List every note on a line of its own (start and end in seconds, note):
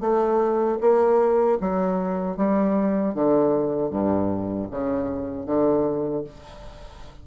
0.00 0.78 A3
0.80 1.58 A#3
1.60 2.37 F#3
2.37 3.14 G3
3.14 3.90 D3
3.90 4.68 G2
4.70 5.46 C#3
5.46 6.24 D3